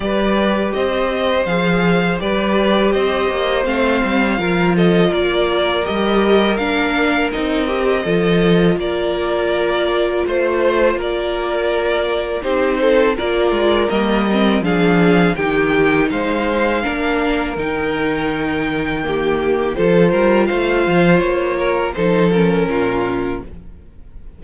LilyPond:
<<
  \new Staff \with { instrumentName = "violin" } { \time 4/4 \tempo 4 = 82 d''4 dis''4 f''4 d''4 | dis''4 f''4. dis''8 d''4 | dis''4 f''4 dis''2 | d''2 c''4 d''4~ |
d''4 c''4 d''4 dis''4 | f''4 g''4 f''2 | g''2. c''4 | f''4 cis''4 c''8 ais'4. | }
  \new Staff \with { instrumentName = "violin" } { \time 4/4 b'4 c''2 b'4 | c''2 ais'8 a'8 ais'4~ | ais'2. a'4 | ais'2 c''4 ais'4~ |
ais'4 g'8 a'8 ais'2 | gis'4 g'4 c''4 ais'4~ | ais'2 g'4 a'8 ais'8 | c''4. ais'8 a'4 f'4 | }
  \new Staff \with { instrumentName = "viola" } { \time 4/4 g'2 gis'4 g'4~ | g'4 c'4 f'2 | g'4 d'4 dis'8 g'8 f'4~ | f'1~ |
f'4 dis'4 f'4 ais8 c'8 | d'4 dis'2 d'4 | dis'2 ais4 f'4~ | f'2 dis'8 cis'4. | }
  \new Staff \with { instrumentName = "cello" } { \time 4/4 g4 c'4 f4 g4 | c'8 ais8 a8 g8 f4 ais4 | g4 ais4 c'4 f4 | ais2 a4 ais4~ |
ais4 c'4 ais8 gis8 g4 | f4 dis4 gis4 ais4 | dis2. f8 g8 | a8 f8 ais4 f4 ais,4 | }
>>